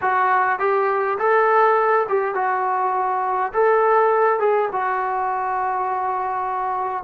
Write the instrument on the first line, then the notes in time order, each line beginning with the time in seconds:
trombone
0.01 F#4
0.59 G4
1.18 A4
2.08 G4
2.34 F#4
3.53 A4
4.39 G#4
4.71 F#4